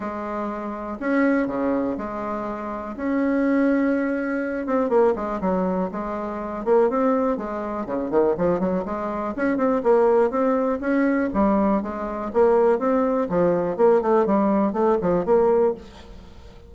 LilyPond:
\new Staff \with { instrumentName = "bassoon" } { \time 4/4 \tempo 4 = 122 gis2 cis'4 cis4 | gis2 cis'2~ | cis'4. c'8 ais8 gis8 fis4 | gis4. ais8 c'4 gis4 |
cis8 dis8 f8 fis8 gis4 cis'8 c'8 | ais4 c'4 cis'4 g4 | gis4 ais4 c'4 f4 | ais8 a8 g4 a8 f8 ais4 | }